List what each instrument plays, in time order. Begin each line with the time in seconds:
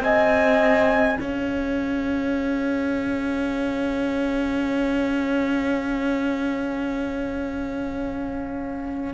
0.00 cello C4, horn G#4 D#5, trumpet G#5
1.19 cello C#4, horn C#5, trumpet F5